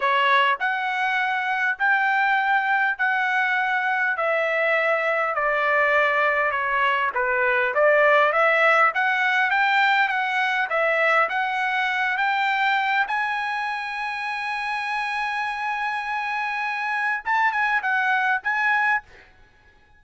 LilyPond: \new Staff \with { instrumentName = "trumpet" } { \time 4/4 \tempo 4 = 101 cis''4 fis''2 g''4~ | g''4 fis''2 e''4~ | e''4 d''2 cis''4 | b'4 d''4 e''4 fis''4 |
g''4 fis''4 e''4 fis''4~ | fis''8 g''4. gis''2~ | gis''1~ | gis''4 a''8 gis''8 fis''4 gis''4 | }